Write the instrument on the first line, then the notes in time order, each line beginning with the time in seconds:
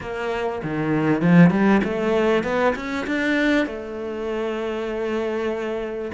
cello
0.01 A#3
0.63 D#3
1.21 F3
1.50 G3
1.83 A3
2.43 B3
2.76 C#4
3.06 D4
3.66 A3